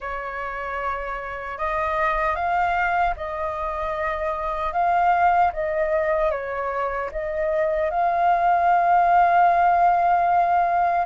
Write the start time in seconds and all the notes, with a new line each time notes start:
0.00 C#5
1.58 D#5
2.35 F5
3.16 D#5
4.72 F5
5.52 D#5
6.31 C#5
7.11 D#5
7.90 F5